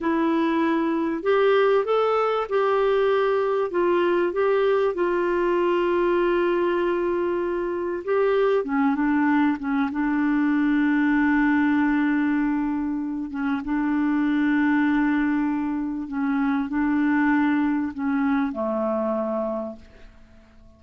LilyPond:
\new Staff \with { instrumentName = "clarinet" } { \time 4/4 \tempo 4 = 97 e'2 g'4 a'4 | g'2 f'4 g'4 | f'1~ | f'4 g'4 cis'8 d'4 cis'8 |
d'1~ | d'4. cis'8 d'2~ | d'2 cis'4 d'4~ | d'4 cis'4 a2 | }